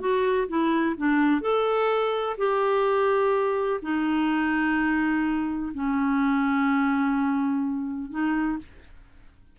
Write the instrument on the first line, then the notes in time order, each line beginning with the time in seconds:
clarinet
0.00 F#4
0.48 E4
0.98 D4
1.42 A4
2.38 G4
3.82 D#4
5.74 C#4
8.11 D#4